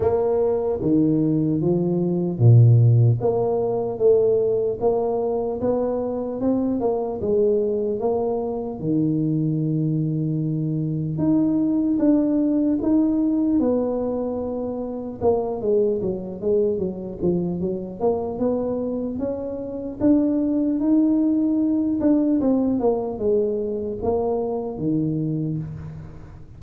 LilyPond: \new Staff \with { instrumentName = "tuba" } { \time 4/4 \tempo 4 = 75 ais4 dis4 f4 ais,4 | ais4 a4 ais4 b4 | c'8 ais8 gis4 ais4 dis4~ | dis2 dis'4 d'4 |
dis'4 b2 ais8 gis8 | fis8 gis8 fis8 f8 fis8 ais8 b4 | cis'4 d'4 dis'4. d'8 | c'8 ais8 gis4 ais4 dis4 | }